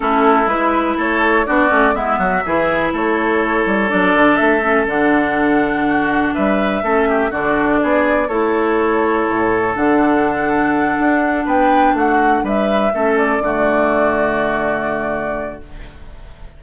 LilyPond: <<
  \new Staff \with { instrumentName = "flute" } { \time 4/4 \tempo 4 = 123 a'4 b'4 cis''4 d''4 | e''2 cis''2 | d''4 e''4 fis''2~ | fis''4 e''2 d''4~ |
d''4 cis''2. | fis''2.~ fis''8 g''8~ | g''8 fis''4 e''4. d''4~ | d''1 | }
  \new Staff \with { instrumentName = "oboe" } { \time 4/4 e'2 a'4 fis'4 | e'8 fis'8 gis'4 a'2~ | a'1 | fis'4 b'4 a'8 g'8 fis'4 |
gis'4 a'2.~ | a'2.~ a'8 b'8~ | b'8 fis'4 b'4 a'4 fis'8~ | fis'1 | }
  \new Staff \with { instrumentName = "clarinet" } { \time 4/4 cis'4 e'2 d'8 cis'8 | b4 e'2. | d'4. cis'8 d'2~ | d'2 cis'4 d'4~ |
d'4 e'2. | d'1~ | d'2~ d'8 cis'4 a8~ | a1 | }
  \new Staff \with { instrumentName = "bassoon" } { \time 4/4 a4 gis4 a4 b8 a8 | gis8 fis8 e4 a4. g8 | fis8 d8 a4 d2~ | d4 g4 a4 d4 |
b4 a2 a,4 | d2~ d8 d'4 b8~ | b8 a4 g4 a4 d8~ | d1 | }
>>